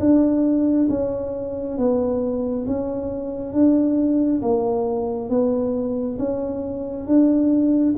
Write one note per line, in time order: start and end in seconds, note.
0.00 0.88 D4
0.90 1.78 C#4
1.78 2.67 B3
2.67 3.54 C#4
3.54 4.42 D4
4.42 5.30 A#3
5.30 6.18 B3
6.19 7.07 C#4
7.07 7.95 D4